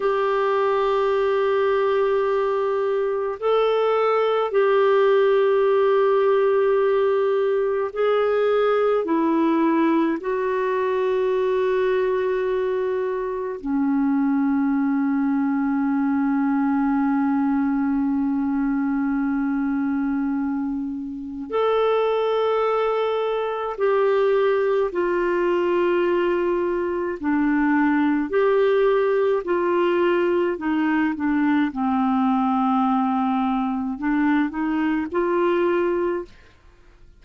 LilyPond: \new Staff \with { instrumentName = "clarinet" } { \time 4/4 \tempo 4 = 53 g'2. a'4 | g'2. gis'4 | e'4 fis'2. | cis'1~ |
cis'2. a'4~ | a'4 g'4 f'2 | d'4 g'4 f'4 dis'8 d'8 | c'2 d'8 dis'8 f'4 | }